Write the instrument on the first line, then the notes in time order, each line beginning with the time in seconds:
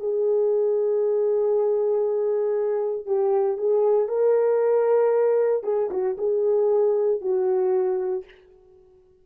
horn
0.00 G#4
3.06 G4
3.57 G#4
4.08 A#4
5.63 G#4
5.91 F#4
6.18 G#4
7.21 F#4